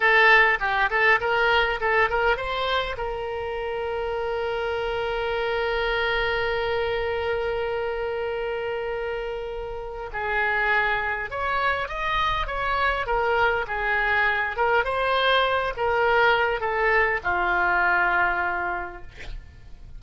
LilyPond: \new Staff \with { instrumentName = "oboe" } { \time 4/4 \tempo 4 = 101 a'4 g'8 a'8 ais'4 a'8 ais'8 | c''4 ais'2.~ | ais'1~ | ais'1~ |
ais'4 gis'2 cis''4 | dis''4 cis''4 ais'4 gis'4~ | gis'8 ais'8 c''4. ais'4. | a'4 f'2. | }